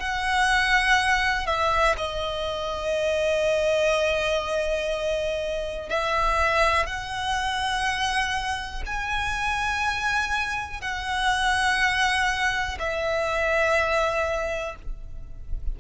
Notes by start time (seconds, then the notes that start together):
0.00 F#5
1.47 E5
1.98 D#5
5.89 E5
6.87 F#5
8.86 G#5
10.82 F#5
12.80 E5